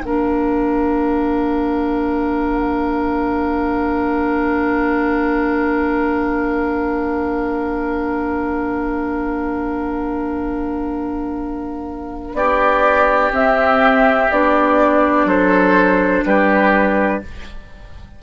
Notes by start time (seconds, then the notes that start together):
0.00 A#3 D4 A#4 F5
12.33 B3 G4 D5
13.32 C4 E5
14.31 B3 D4 D5
15.25 F#3 A4 C5
16.25 G3 G4 B4